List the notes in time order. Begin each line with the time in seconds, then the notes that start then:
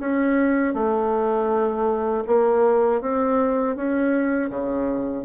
0.00 C#4
0.74 A3
2.27 A#3
3.01 C4
3.76 C#4
4.50 C#3